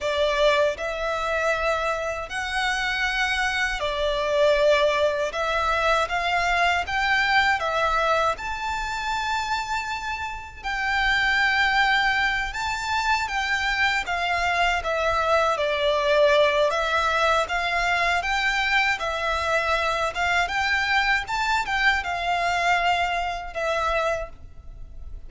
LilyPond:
\new Staff \with { instrumentName = "violin" } { \time 4/4 \tempo 4 = 79 d''4 e''2 fis''4~ | fis''4 d''2 e''4 | f''4 g''4 e''4 a''4~ | a''2 g''2~ |
g''8 a''4 g''4 f''4 e''8~ | e''8 d''4. e''4 f''4 | g''4 e''4. f''8 g''4 | a''8 g''8 f''2 e''4 | }